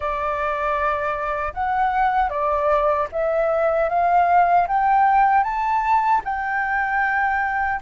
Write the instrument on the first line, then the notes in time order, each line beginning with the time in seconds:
flute
0.00 D5
1.53 F#5
2.30 D5
3.12 E5
3.89 F5
4.67 G5
5.43 A5
6.24 G5